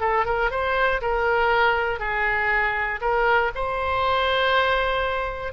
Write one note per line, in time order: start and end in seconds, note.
0.00 0.25 A4
0.25 0.51 A#4
0.51 1.01 C5
1.01 1.99 A#4
1.99 3.00 G#4
3.01 3.51 A#4
3.55 5.53 C5